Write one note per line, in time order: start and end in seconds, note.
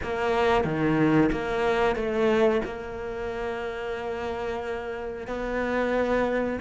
0.03 0.64 A#3
0.64 1.30 D#3
1.32 1.95 A#3
1.95 2.61 A3
2.64 5.27 A#3
5.27 6.59 B3